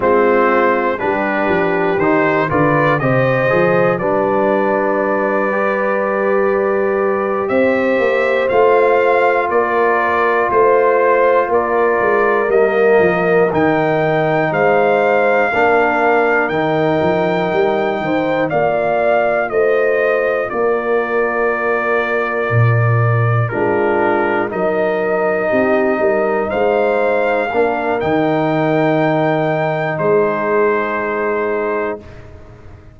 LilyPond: <<
  \new Staff \with { instrumentName = "trumpet" } { \time 4/4 \tempo 4 = 60 c''4 b'4 c''8 d''8 dis''4 | d''2.~ d''8 e''8~ | e''8 f''4 d''4 c''4 d''8~ | d''8 dis''4 g''4 f''4.~ |
f''8 g''2 f''4 dis''8~ | dis''8 d''2. ais'8~ | ais'8 dis''2 f''4. | g''2 c''2 | }
  \new Staff \with { instrumentName = "horn" } { \time 4/4 f'4 g'4. b'8 c''4 | b'2.~ b'8 c''8~ | c''4. ais'4 c''4 ais'8~ | ais'2~ ais'8 c''4 ais'8~ |
ais'2 c''8 d''4 c''8~ | c''8 ais'2. f'8~ | f'8 ais'4 g'8 ais'8 c''4 ais'8~ | ais'2 gis'2 | }
  \new Staff \with { instrumentName = "trombone" } { \time 4/4 c'4 d'4 dis'8 f'8 g'8 gis'8 | d'4. g'2~ g'8~ | g'8 f'2.~ f'8~ | f'8 ais4 dis'2 d'8~ |
d'8 dis'2 f'4.~ | f'2.~ f'8 d'8~ | d'8 dis'2. d'8 | dis'1 | }
  \new Staff \with { instrumentName = "tuba" } { \time 4/4 gis4 g8 f8 dis8 d8 c8 f8 | g2.~ g8 c'8 | ais8 a4 ais4 a4 ais8 | gis8 g8 f8 dis4 gis4 ais8~ |
ais8 dis8 f8 g8 dis8 ais4 a8~ | a8 ais2 ais,4 gis8~ | gis8 fis4 c'8 g8 gis4 ais8 | dis2 gis2 | }
>>